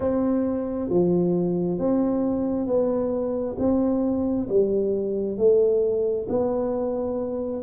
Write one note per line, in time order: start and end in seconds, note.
0.00 0.89 C4
0.89 1.78 F3
1.78 2.66 C4
2.66 3.56 B3
3.58 4.48 C4
4.49 5.37 G3
5.37 6.27 A3
6.28 7.62 B3